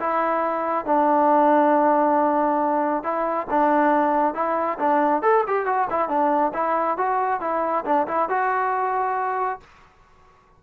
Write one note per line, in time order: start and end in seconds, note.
0.00 0.86 E4
0.86 3.04 D4
3.04 3.47 E4
3.50 4.35 D4
4.35 4.78 E4
4.79 5.23 D4
5.23 5.44 A4
5.47 5.66 G4
5.66 5.88 F#4
5.90 6.09 E4
6.09 6.53 D4
6.54 6.98 E4
6.98 7.41 F#4
7.41 7.85 E4
7.85 8.07 D4
8.08 8.29 E4
8.29 9.61 F#4